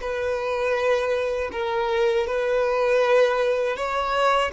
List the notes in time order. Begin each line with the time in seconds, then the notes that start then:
0.00 B4
1.52 A#4
2.26 B4
3.76 C#5